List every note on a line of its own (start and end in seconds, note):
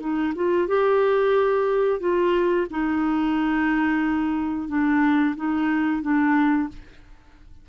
0.00 0.33 D#4
0.35 0.68 F4
0.68 2.00 G4
2.00 2.67 F4
2.71 4.68 D#4
4.68 5.35 D4
5.36 6.02 D#4
6.02 6.69 D4